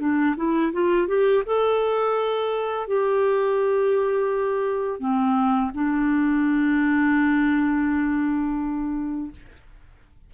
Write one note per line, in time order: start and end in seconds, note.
0.00 0.36 D4
0.37 0.73 E4
0.73 1.08 F4
1.08 1.44 G4
1.46 2.88 A4
2.88 5.00 G4
5.00 5.71 C4
5.75 9.32 D4